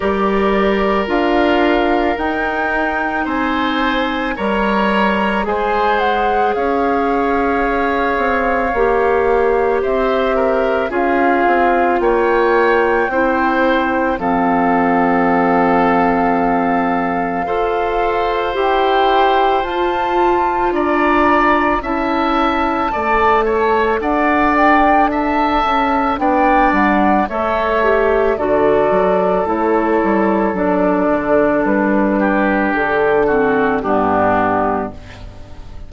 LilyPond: <<
  \new Staff \with { instrumentName = "flute" } { \time 4/4 \tempo 4 = 55 d''4 f''4 g''4 gis''4 | ais''4 gis''8 fis''8 f''2~ | f''4 e''4 f''4 g''4~ | g''4 f''2.~ |
f''4 g''4 a''4 ais''4 | a''2 fis''8 g''8 a''4 | g''8 fis''8 e''4 d''4 cis''4 | d''4 b'4 a'4 g'4 | }
  \new Staff \with { instrumentName = "oboe" } { \time 4/4 ais'2. c''4 | cis''4 c''4 cis''2~ | cis''4 c''8 ais'8 gis'4 cis''4 | c''4 a'2. |
c''2. d''4 | e''4 d''8 cis''8 d''4 e''4 | d''4 cis''4 a'2~ | a'4. g'4 fis'8 d'4 | }
  \new Staff \with { instrumentName = "clarinet" } { \time 4/4 g'4 f'4 dis'2 | ais'4 gis'2. | g'2 f'2 | e'4 c'2. |
a'4 g'4 f'2 | e'4 a'2. | d'4 a'8 g'8 fis'4 e'4 | d'2~ d'8 c'8 b4 | }
  \new Staff \with { instrumentName = "bassoon" } { \time 4/4 g4 d'4 dis'4 c'4 | g4 gis4 cis'4. c'8 | ais4 c'4 cis'8 c'8 ais4 | c'4 f2. |
f'4 e'4 f'4 d'4 | cis'4 a4 d'4. cis'8 | b8 g8 a4 d8 fis8 a8 g8 | fis8 d8 g4 d4 g,4 | }
>>